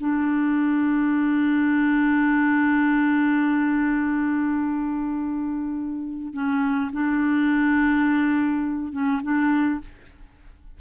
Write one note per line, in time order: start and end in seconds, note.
0.00 6.33 D4
6.33 6.91 C#4
6.93 8.92 D4
8.92 9.21 C#4
9.23 9.81 D4